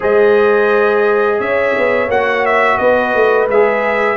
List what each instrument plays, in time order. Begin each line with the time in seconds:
0.00 tuba G#3, trombone G#4, horn C5, trumpet D#5
1.39 tuba C#4, horn C#5, trumpet E5
1.77 tuba B3
2.08 tuba A#3, trombone F#4, trumpet F#5
2.45 trumpet E5
2.77 tuba B3, horn B4, trumpet D#5
3.15 tuba A3
3.47 tuba G#3, trombone G#4, trumpet E5